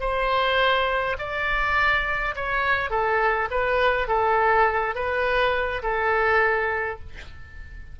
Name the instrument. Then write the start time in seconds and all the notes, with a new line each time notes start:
oboe
0.00 C5
1.18 D5
2.35 C#5
2.90 A4
3.51 B4
4.08 A4
4.95 B4
5.83 A4